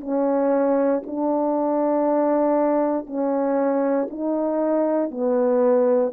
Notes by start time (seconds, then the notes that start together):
0.00 C#4
1.06 D4
3.06 C#4
4.10 D#4
5.10 B3